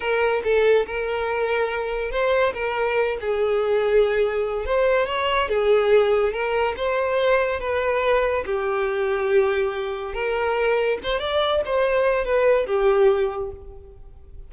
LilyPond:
\new Staff \with { instrumentName = "violin" } { \time 4/4 \tempo 4 = 142 ais'4 a'4 ais'2~ | ais'4 c''4 ais'4. gis'8~ | gis'2. c''4 | cis''4 gis'2 ais'4 |
c''2 b'2 | g'1 | ais'2 c''8 d''4 c''8~ | c''4 b'4 g'2 | }